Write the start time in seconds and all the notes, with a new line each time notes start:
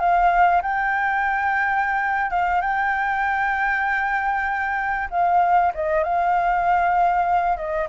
0.00 F5
0.63 G5
2.31 F5
2.61 G5
5.11 F5
5.75 D#5
6.04 F5
7.57 D#5